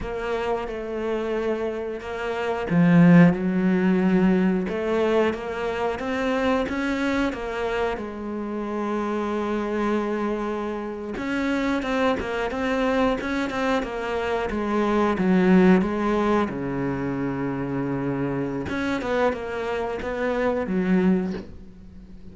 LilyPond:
\new Staff \with { instrumentName = "cello" } { \time 4/4 \tempo 4 = 90 ais4 a2 ais4 | f4 fis2 a4 | ais4 c'4 cis'4 ais4 | gis1~ |
gis8. cis'4 c'8 ais8 c'4 cis'16~ | cis'16 c'8 ais4 gis4 fis4 gis16~ | gis8. cis2.~ cis16 | cis'8 b8 ais4 b4 fis4 | }